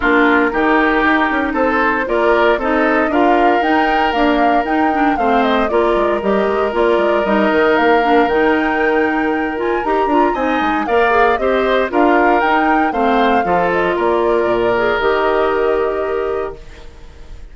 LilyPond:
<<
  \new Staff \with { instrumentName = "flute" } { \time 4/4 \tempo 4 = 116 ais'2. c''4 | d''4 dis''4 f''4 g''4 | f''4 g''4 f''8 dis''8 d''4 | dis''4 d''4 dis''4 f''4 |
g''2~ g''8 gis''8 ais''4 | gis''4 f''4 dis''4 f''4 | g''4 f''4. dis''8 d''4~ | d''4 dis''2. | }
  \new Staff \with { instrumentName = "oboe" } { \time 4/4 f'4 g'2 a'4 | ais'4 a'4 ais'2~ | ais'2 c''4 ais'4~ | ais'1~ |
ais'1 | dis''4 d''4 c''4 ais'4~ | ais'4 c''4 a'4 ais'4~ | ais'1 | }
  \new Staff \with { instrumentName = "clarinet" } { \time 4/4 d'4 dis'2. | f'4 dis'4 f'4 dis'4 | ais4 dis'8 d'8 c'4 f'4 | g'4 f'4 dis'4. d'8 |
dis'2~ dis'8 f'8 g'8 f'8 | dis'4 ais'8 gis'8 g'4 f'4 | dis'4 c'4 f'2~ | f'8 gis'8 g'2. | }
  \new Staff \with { instrumentName = "bassoon" } { \time 4/4 ais4 dis4 dis'8 cis'8 c'4 | ais4 c'4 d'4 dis'4 | d'4 dis'4 a4 ais8 gis8 | g8 gis8 ais8 gis8 g8 dis8 ais4 |
dis2. dis'8 d'8 | c'8 gis8 ais4 c'4 d'4 | dis'4 a4 f4 ais4 | ais,4 dis2. | }
>>